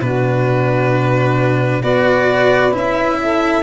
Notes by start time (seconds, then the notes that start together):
0.00 B2 D4 F#4 B4
1.81 B3 F#4 B4 D5
2.72 C#4 E4
2.78 E5
3.21 A4